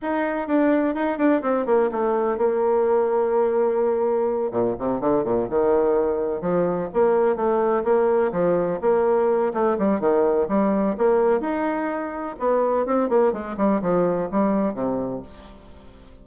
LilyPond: \new Staff \with { instrumentName = "bassoon" } { \time 4/4 \tempo 4 = 126 dis'4 d'4 dis'8 d'8 c'8 ais8 | a4 ais2.~ | ais4. ais,8 c8 d8 ais,8 dis8~ | dis4. f4 ais4 a8~ |
a8 ais4 f4 ais4. | a8 g8 dis4 g4 ais4 | dis'2 b4 c'8 ais8 | gis8 g8 f4 g4 c4 | }